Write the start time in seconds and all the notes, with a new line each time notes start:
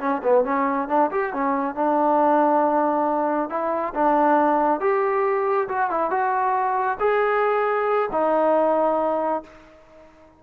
0.00 C#4
0.24 B3
0.45 C#4
0.89 D4
1.11 G4
1.34 C#4
1.76 D4
3.50 E4
3.95 D4
4.81 G4
5.69 F#4
5.91 E4
6.11 F#4
7.00 G#4
8.12 D#4